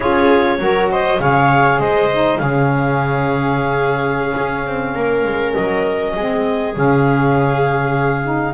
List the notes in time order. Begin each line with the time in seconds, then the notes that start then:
0.00 C#4 F4 G#4 C#5
0.58 F#3 F#4 A#4
0.91 C5 D#5
1.19 C#3 G#4 C#5 F5
1.79 G#3 C5 D#5
2.12 D#4
2.38 C#3 C#4 G#4 F5
4.37 C#4
4.66 C4
4.94 A#3 A#4
5.24 G#3
5.54 F#3 D#5
6.16 G#3 C4 G#4
6.74 C#3 C#4 F5
8.23 D#4